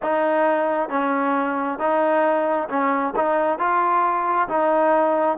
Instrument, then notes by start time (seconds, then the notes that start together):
trombone
0.02 D#4
0.89 C#4
1.79 D#4
2.69 C#4
3.15 D#4
3.58 F4
4.48 D#4